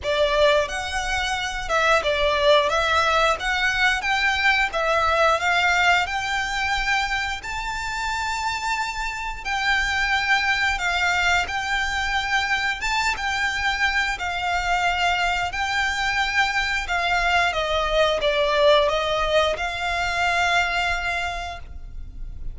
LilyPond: \new Staff \with { instrumentName = "violin" } { \time 4/4 \tempo 4 = 89 d''4 fis''4. e''8 d''4 | e''4 fis''4 g''4 e''4 | f''4 g''2 a''4~ | a''2 g''2 |
f''4 g''2 a''8 g''8~ | g''4 f''2 g''4~ | g''4 f''4 dis''4 d''4 | dis''4 f''2. | }